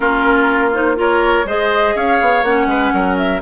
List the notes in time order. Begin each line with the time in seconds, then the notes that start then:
0.00 A#3 C#4 F4 A#4
0.73 D#4 C5
0.95 F4 A#4 C#5
1.45 G#3 G#4 C5 D#5
1.95 C#4 C#5 F5
2.21 B3
2.43 A#3 C#4 F#5
2.66 G#3 B4
2.93 F#3 A#4
3.17 E5